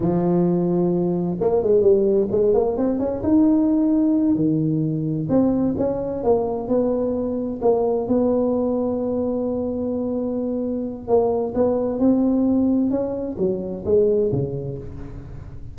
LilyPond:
\new Staff \with { instrumentName = "tuba" } { \time 4/4 \tempo 4 = 130 f2. ais8 gis8 | g4 gis8 ais8 c'8 cis'8 dis'4~ | dis'4. dis2 c'8~ | c'8 cis'4 ais4 b4.~ |
b8 ais4 b2~ b8~ | b1 | ais4 b4 c'2 | cis'4 fis4 gis4 cis4 | }